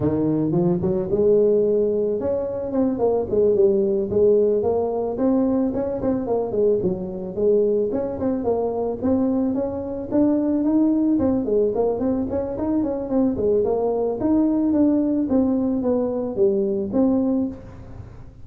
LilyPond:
\new Staff \with { instrumentName = "tuba" } { \time 4/4 \tempo 4 = 110 dis4 f8 fis8 gis2 | cis'4 c'8 ais8 gis8 g4 gis8~ | gis8 ais4 c'4 cis'8 c'8 ais8 | gis8 fis4 gis4 cis'8 c'8 ais8~ |
ais8 c'4 cis'4 d'4 dis'8~ | dis'8 c'8 gis8 ais8 c'8 cis'8 dis'8 cis'8 | c'8 gis8 ais4 dis'4 d'4 | c'4 b4 g4 c'4 | }